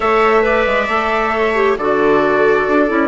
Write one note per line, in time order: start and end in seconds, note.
0.00 0.66 A3
0.00 0.41 A4
0.00 0.44 C#5
0.00 1.75 E5
0.41 0.86 B4
0.41 1.32 D5
0.66 0.88 G#3
0.88 1.77 A3
0.88 1.54 A4
1.32 1.76 C#5
1.54 1.77 G4
1.77 2.66 D3
1.77 2.87 F#4
1.77 3.08 A4
1.77 3.08 D5
2.68 2.90 D4
2.87 3.08 C#4
2.87 3.08 E4